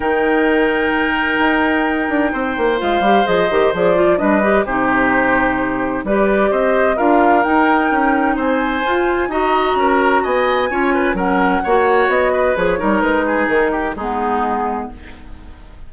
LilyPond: <<
  \new Staff \with { instrumentName = "flute" } { \time 4/4 \tempo 4 = 129 g''1~ | g''2 f''4 dis''4 | d''4 dis''4 c''2~ | c''4 d''4 dis''4 f''4 |
g''2 gis''2 | ais''2 gis''2 | fis''2 dis''4 cis''4 | b'4 ais'4 gis'2 | }
  \new Staff \with { instrumentName = "oboe" } { \time 4/4 ais'1~ | ais'4 c''2.~ | c''4 b'4 g'2~ | g'4 b'4 c''4 ais'4~ |
ais'2 c''2 | dis''4 ais'4 dis''4 cis''8 b'8 | ais'4 cis''4. b'4 ais'8~ | ais'8 gis'4 g'8 dis'2 | }
  \new Staff \with { instrumentName = "clarinet" } { \time 4/4 dis'1~ | dis'2 f'8 g'8 gis'8 g'8 | gis'8 f'8 d'8 g'8 dis'2~ | dis'4 g'2 f'4 |
dis'2. f'4 | fis'2. f'4 | cis'4 fis'2 gis'8 dis'8~ | dis'2 b2 | }
  \new Staff \with { instrumentName = "bassoon" } { \time 4/4 dis2. dis'4~ | dis'8 d'8 c'8 ais8 gis8 g8 f8 dis8 | f4 g4 c2~ | c4 g4 c'4 d'4 |
dis'4 cis'4 c'4 f'4 | dis'4 cis'4 b4 cis'4 | fis4 ais4 b4 f8 g8 | gis4 dis4 gis2 | }
>>